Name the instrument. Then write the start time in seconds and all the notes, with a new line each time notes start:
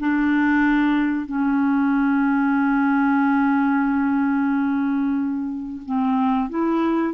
clarinet
0.00 D4
1.26 C#4
5.86 C4
6.50 E4